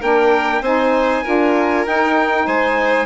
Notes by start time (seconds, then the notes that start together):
0.00 A#3 D4 A#4 G5
0.61 C4 D#4 C5 G#5
1.23 D4 F4 A#4
1.85 D#4 G5
2.46 G#3 C5 G#5